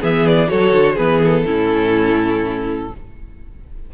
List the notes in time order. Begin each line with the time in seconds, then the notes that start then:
0.00 E3 B3 G#4 E5
0.27 D5
0.47 F#3 F#4 A4 C#5
0.73 D3
0.95 E3 B3 G#4 B4
1.24 A4
1.45 A2 C#4 E4